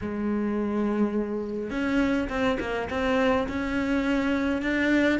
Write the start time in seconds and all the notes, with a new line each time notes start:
0.01 G#3
1.70 C#4
2.29 C4
2.60 A#3
2.90 C4
3.48 C#4
4.62 D4